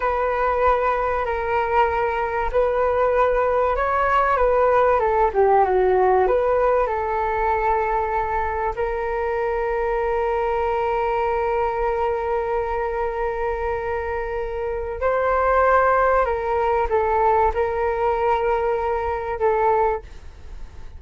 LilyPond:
\new Staff \with { instrumentName = "flute" } { \time 4/4 \tempo 4 = 96 b'2 ais'2 | b'2 cis''4 b'4 | a'8 g'8 fis'4 b'4 a'4~ | a'2 ais'2~ |
ais'1~ | ais'1 | c''2 ais'4 a'4 | ais'2. a'4 | }